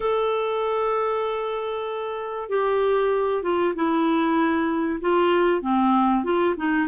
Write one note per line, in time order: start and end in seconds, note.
0.00 2.49 A4
2.49 3.42 G4
3.42 3.74 F4
3.75 5.00 E4
5.00 5.61 F4
5.61 6.23 C4
6.23 6.55 F4
6.56 6.88 D#4